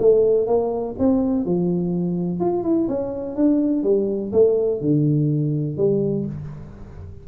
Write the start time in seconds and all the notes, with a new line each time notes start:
0.00 A3
0.47 A#3
0.99 C4
1.46 F3
2.41 F4
2.64 E4
2.89 C#4
3.36 D4
3.84 G3
4.33 A3
4.81 D3
5.78 G3